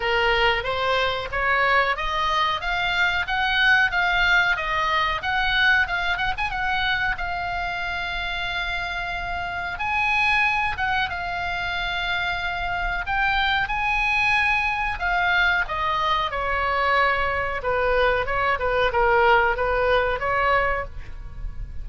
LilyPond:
\new Staff \with { instrumentName = "oboe" } { \time 4/4 \tempo 4 = 92 ais'4 c''4 cis''4 dis''4 | f''4 fis''4 f''4 dis''4 | fis''4 f''8 fis''16 gis''16 fis''4 f''4~ | f''2. gis''4~ |
gis''8 fis''8 f''2. | g''4 gis''2 f''4 | dis''4 cis''2 b'4 | cis''8 b'8 ais'4 b'4 cis''4 | }